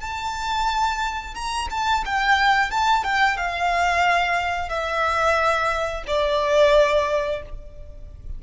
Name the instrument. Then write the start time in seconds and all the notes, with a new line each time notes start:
violin
0.00 A5
1.35 A#5
1.70 A5
2.06 G5
2.71 A5
3.04 G5
3.37 F5
4.69 E5
6.07 D5